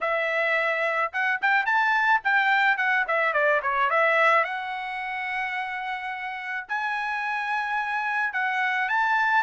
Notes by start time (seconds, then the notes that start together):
0.00 E5
1.12 F#5
1.41 G5
1.65 A5
2.24 G5
2.77 F#5
3.07 E5
3.33 D5
3.62 C#5
3.90 E5
4.44 F#5
6.68 G#5
8.33 F#5
8.88 A5